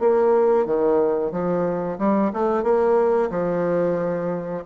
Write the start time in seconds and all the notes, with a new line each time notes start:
0.00 A#3
0.66 D#3
1.32 F3
1.98 G3
2.33 A3
2.63 A#3
3.30 F3